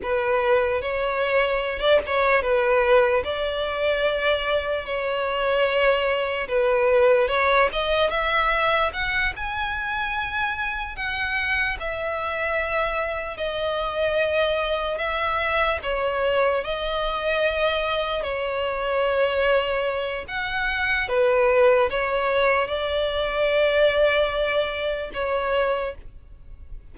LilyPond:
\new Staff \with { instrumentName = "violin" } { \time 4/4 \tempo 4 = 74 b'4 cis''4~ cis''16 d''16 cis''8 b'4 | d''2 cis''2 | b'4 cis''8 dis''8 e''4 fis''8 gis''8~ | gis''4. fis''4 e''4.~ |
e''8 dis''2 e''4 cis''8~ | cis''8 dis''2 cis''4.~ | cis''4 fis''4 b'4 cis''4 | d''2. cis''4 | }